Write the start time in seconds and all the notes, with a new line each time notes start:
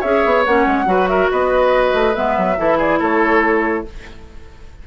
0.00 C#4 G#4 C#5 E5
0.25 B3
0.45 A#3 C#4 F#5
0.67 G#3
0.86 F#3 F#4 B4
1.08 A#4 E5
1.31 B3 B4 D#5
1.94 A3
2.14 G#3 B3 E5
2.37 F#3
2.58 E3 E4 A4
2.78 G#4 D5
2.99 A3 A4 C#5